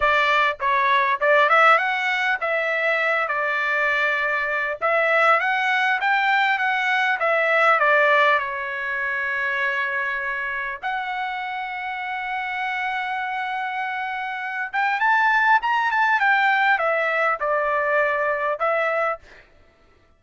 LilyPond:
\new Staff \with { instrumentName = "trumpet" } { \time 4/4 \tempo 4 = 100 d''4 cis''4 d''8 e''8 fis''4 | e''4. d''2~ d''8 | e''4 fis''4 g''4 fis''4 | e''4 d''4 cis''2~ |
cis''2 fis''2~ | fis''1~ | fis''8 g''8 a''4 ais''8 a''8 g''4 | e''4 d''2 e''4 | }